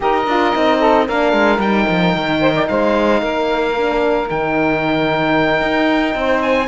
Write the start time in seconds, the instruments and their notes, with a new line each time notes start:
0.00 cello D#4, horn G4, saxophone A#4, oboe D#5
0.26 cello D4, horn F4
0.53 cello C4, horn D#4
0.79 saxophone A4
1.06 cello A#3, horn D4, saxophone A#4, oboe F5
1.33 cello G#3
1.58 cello G3, horn D#4, oboe G5
1.89 cello F3
2.15 cello D#3
2.40 saxophone C5
2.54 saxophone D5
2.68 cello G#3, saxophone C5, oboe F5
3.21 cello A#3, saxophone A#4
3.77 horn D4
4.28 cello D#3, horn D#4, oboe G5
5.61 cello D#4
6.14 cello C4, saxophone C5
6.41 oboe G#5